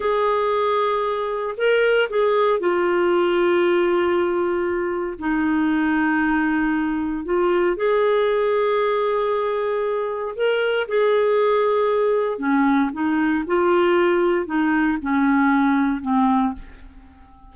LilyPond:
\new Staff \with { instrumentName = "clarinet" } { \time 4/4 \tempo 4 = 116 gis'2. ais'4 | gis'4 f'2.~ | f'2 dis'2~ | dis'2 f'4 gis'4~ |
gis'1 | ais'4 gis'2. | cis'4 dis'4 f'2 | dis'4 cis'2 c'4 | }